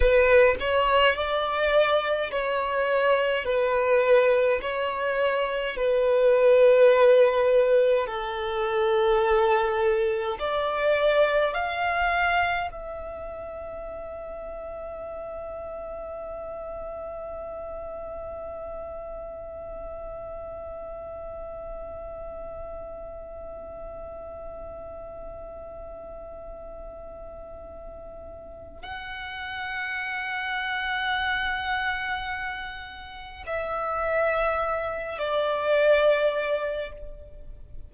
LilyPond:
\new Staff \with { instrumentName = "violin" } { \time 4/4 \tempo 4 = 52 b'8 cis''8 d''4 cis''4 b'4 | cis''4 b'2 a'4~ | a'4 d''4 f''4 e''4~ | e''1~ |
e''1~ | e''1~ | e''4 fis''2.~ | fis''4 e''4. d''4. | }